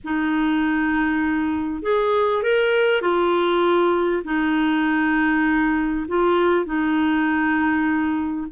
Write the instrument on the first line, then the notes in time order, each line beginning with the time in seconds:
clarinet
0.03 D#4
1.82 G#4
2.42 A#4
3.01 F4
4.24 D#4
6.08 F4
6.65 D#4